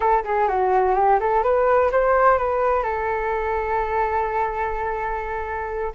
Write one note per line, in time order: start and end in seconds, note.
0.00 0.24 A4
0.24 0.48 G#4
0.48 0.95 F#4
0.95 1.19 G4
1.20 1.43 A4
1.43 1.90 B4
1.91 2.38 C5
2.38 2.82 B4
2.82 5.92 A4